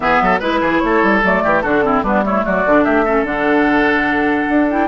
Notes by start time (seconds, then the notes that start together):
0.00 E3 B3 G#4 E5
0.21 F#3 A4
0.39 G#3 E4 B4
0.61 E3 G#4
0.78 A3 C#5
0.85 A4
1.02 G3
1.23 F#3 A3 D5
1.43 E3 G4
1.61 D3 D4 F#4 A4
1.83 C4 E4
2.02 G3 B3 D4 B4
2.23 A3 E4 C#5
2.45 F#3 F#4 D5
2.65 D3 D4
2.84 A3 G4 E5
3.05 C#4 A4
3.23 D3 D4 F#5
4.49 D4
4.69 E4 G5